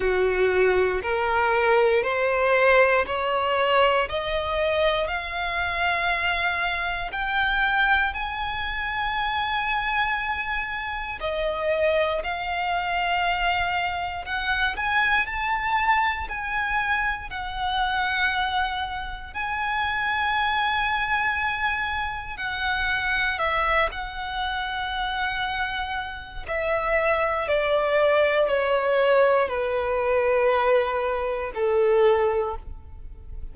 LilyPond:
\new Staff \with { instrumentName = "violin" } { \time 4/4 \tempo 4 = 59 fis'4 ais'4 c''4 cis''4 | dis''4 f''2 g''4 | gis''2. dis''4 | f''2 fis''8 gis''8 a''4 |
gis''4 fis''2 gis''4~ | gis''2 fis''4 e''8 fis''8~ | fis''2 e''4 d''4 | cis''4 b'2 a'4 | }